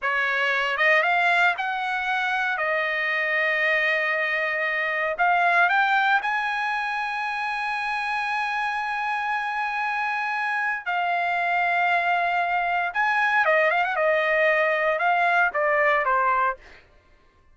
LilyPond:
\new Staff \with { instrumentName = "trumpet" } { \time 4/4 \tempo 4 = 116 cis''4. dis''8 f''4 fis''4~ | fis''4 dis''2.~ | dis''2 f''4 g''4 | gis''1~ |
gis''1~ | gis''4 f''2.~ | f''4 gis''4 dis''8 f''16 fis''16 dis''4~ | dis''4 f''4 d''4 c''4 | }